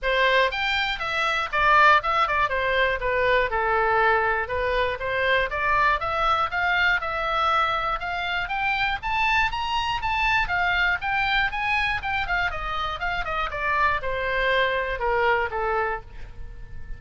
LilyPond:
\new Staff \with { instrumentName = "oboe" } { \time 4/4 \tempo 4 = 120 c''4 g''4 e''4 d''4 | e''8 d''8 c''4 b'4 a'4~ | a'4 b'4 c''4 d''4 | e''4 f''4 e''2 |
f''4 g''4 a''4 ais''4 | a''4 f''4 g''4 gis''4 | g''8 f''8 dis''4 f''8 dis''8 d''4 | c''2 ais'4 a'4 | }